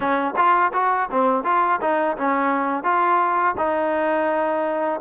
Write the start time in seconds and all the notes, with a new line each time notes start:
0.00 C#4
0.36 F4
0.73 F#4
1.11 C4
1.44 F4
1.81 D#4
2.17 C#4
2.83 F4
3.57 D#4